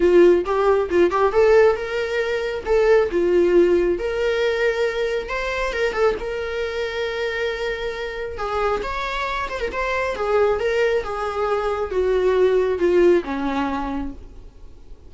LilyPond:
\new Staff \with { instrumentName = "viola" } { \time 4/4 \tempo 4 = 136 f'4 g'4 f'8 g'8 a'4 | ais'2 a'4 f'4~ | f'4 ais'2. | c''4 ais'8 a'8 ais'2~ |
ais'2. gis'4 | cis''4. c''16 ais'16 c''4 gis'4 | ais'4 gis'2 fis'4~ | fis'4 f'4 cis'2 | }